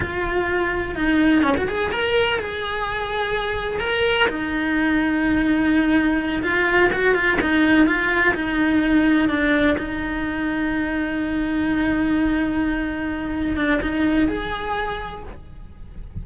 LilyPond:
\new Staff \with { instrumentName = "cello" } { \time 4/4 \tempo 4 = 126 f'2 dis'4 cis'16 fis'16 gis'8 | ais'4 gis'2. | ais'4 dis'2.~ | dis'4. f'4 fis'8 f'8 dis'8~ |
dis'8 f'4 dis'2 d'8~ | d'8 dis'2.~ dis'8~ | dis'1~ | dis'8 d'8 dis'4 gis'2 | }